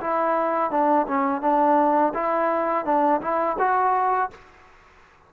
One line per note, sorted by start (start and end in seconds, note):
0.00 0.70 E4
0.70 1.06 D4
1.07 1.41 C#4
1.41 2.12 D4
2.14 2.85 E4
2.85 3.21 D4
3.21 3.57 E4
3.59 4.30 F#4